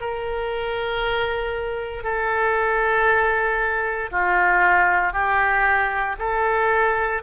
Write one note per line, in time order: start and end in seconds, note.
0.00 2.04 A#4
2.04 4.11 A4
4.11 5.13 F4
5.13 6.16 G4
6.19 7.22 A4